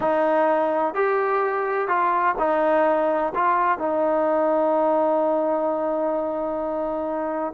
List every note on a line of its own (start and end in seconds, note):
0.00 0.94 D#4
0.94 1.87 G4
1.87 2.35 F4
2.38 3.33 D#4
3.34 3.78 F4
3.78 7.53 D#4